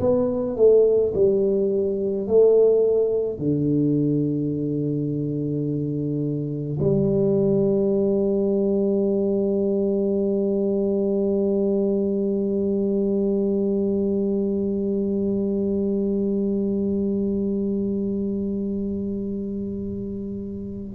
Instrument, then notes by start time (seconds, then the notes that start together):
tuba
0.00 B3
0.57 A3
1.14 G3
2.27 A3
3.39 D3
6.80 G3